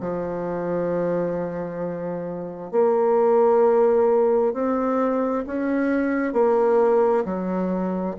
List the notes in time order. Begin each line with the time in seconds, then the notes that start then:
0.00 F3
2.71 A#3
4.53 C4
5.46 C#4
6.33 A#3
7.25 F#3